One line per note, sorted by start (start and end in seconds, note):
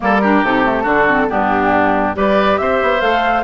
0.00 0.43 G3
0.00 0.20 A#3
0.00 0.21 A4
0.00 0.45 A#4
0.21 0.44 D4
0.21 0.83 G4
0.43 0.85 C3
0.43 0.64 D#4
0.43 1.29 A4
0.64 0.84 A3
0.83 1.28 D3
0.83 1.06 D4
0.83 1.26 F#4
1.07 1.28 C4
1.28 2.16 G2
1.28 2.14 B3
1.28 2.16 D4
1.28 2.15 G4
2.14 2.59 G3
2.14 3.00 G4
2.14 2.60 B4
2.14 2.57 D5
2.57 2.81 C4
2.57 3.43 C5
2.57 3.00 E5
2.82 3.01 B3
3.00 3.43 A3
3.00 3.43 A4
3.00 3.43 F5